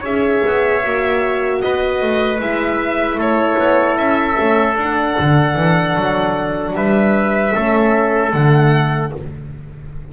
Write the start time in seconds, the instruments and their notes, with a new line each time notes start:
0.00 double bass C#4, horn G#4, trumpet C#5, violin E5
0.46 double bass B3
0.83 double bass A#3, horn F#4
1.61 double bass B3, trumpet B4, violin D#5
2.01 double bass A3
2.40 double bass G#3, horn E4, violin E5
3.16 double bass A3, trumpet A4, violin C#5
3.58 double bass B3
3.97 double bass C#4, violin E5
4.35 double bass A3, horn C#4
4.76 double bass D4, horn D4, violin F#5
5.20 double bass D3
5.55 double bass E3
5.95 double bass F#3
6.73 double bass G3, trumpet B4, violin E5
7.55 double bass A3, horn C#4, trumpet A4
8.32 double bass D3, horn A3, violin F#5